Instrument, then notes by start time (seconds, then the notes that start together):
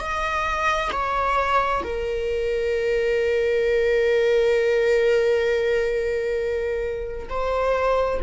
viola
0.00 D#5
0.92 C#5
1.83 A#4
7.29 C5